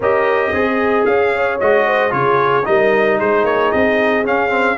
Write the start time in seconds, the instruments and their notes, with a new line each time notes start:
0.00 tuba C#4, trombone G4, horn A#4, trumpet D#5
0.53 tuba C4, trombone G#4, horn G#4
1.05 tuba C#4, trumpet F5
1.35 horn C#5
1.60 tuba G#3, trombone F#4, trumpet D#5
1.86 horn C5
2.09 tuba C#3, trombone F4, horn G#4, trumpet C#5
2.64 tuba G3, trombone D#4, horn A#4, trumpet D#5
3.18 tuba G#3, horn G#4, trumpet C5
3.44 tuba A#3, trumpet C#5
3.71 tuba C4, trumpet D#5
4.24 trombone C#4, tuba C#4, trumpet F5
4.49 trombone C4